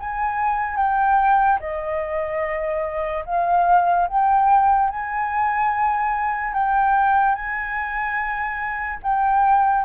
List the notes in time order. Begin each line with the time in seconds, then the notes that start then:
0.00 G#5
0.77 G5
1.60 D#5
3.25 F5
4.08 G5
4.90 G#5
6.53 G5
7.35 G#5
9.03 G5